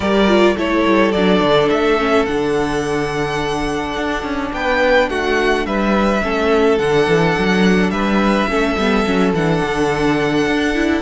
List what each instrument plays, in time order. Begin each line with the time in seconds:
0.00 cello G3, viola G4, violin A#4 D5
0.27 viola F4
0.55 cello A3, viola E4, violin A4 C#5
0.86 cello G3
1.12 cello F#3, viola D4, violin D5
1.40 cello D3
1.70 cello A3, violin E5
1.98 viola C#4
2.25 cello D3, viola D4, violin F#5
3.96 cello D4
4.22 cello C#4
4.53 cello B3, violin B4 G5
5.08 cello A3, violin F#4 F#5
5.65 cello G3, violin B4 E5
6.21 cello A3, viola C#4, violin A4
6.78 cello D3, viola D4, violin F#5
7.07 cello E3
7.38 cello F#3
7.90 cello G3, violin B4 E5
8.47 cello A3, viola C#4, violin A4
8.77 cello G3, viola B3
9.05 cello F#3, viola C#4
9.33 cello E3, viola D4, violin F#5
9.64 cello D3
10.46 cello D4
10.75 viola E4